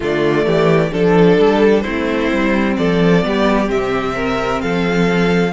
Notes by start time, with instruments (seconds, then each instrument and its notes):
0.00 cello D3, viola A3, violin F4 D5
0.45 cello E3, violin G4
0.91 cello F3, viola D4, violin A4
1.38 cello G3
1.81 cello A3, viola C4, violin E4 C5
2.31 cello G3
2.76 cello F3, violin A4 D5
3.22 cello G3, viola B3, violin G4
3.67 cello C3, viola C4, violin E5
4.15 violin A#4
4.61 cello F3, violin A4 F5